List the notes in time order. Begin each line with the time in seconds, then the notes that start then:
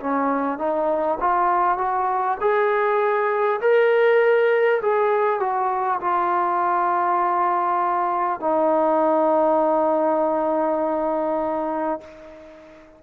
0.00 C#4
0.58 D#4
1.20 F4
1.78 F#4
2.41 G#4
3.61 A#4
4.82 G#4
5.40 F#4
6.01 F4
8.41 D#4